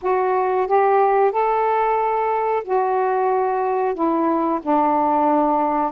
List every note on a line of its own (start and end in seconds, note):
0.02 0.67 F#4
0.67 1.31 G4
1.31 2.63 A4
2.64 3.94 F#4
3.94 4.60 E4
4.62 5.91 D4